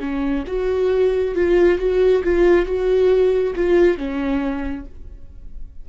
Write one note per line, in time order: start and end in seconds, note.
0.00 0.44 C#4
0.48 1.35 F#4
1.35 1.79 F4
1.79 2.23 F#4
2.24 2.66 F4
2.66 3.54 F#4
3.56 3.98 F4
3.98 4.86 C#4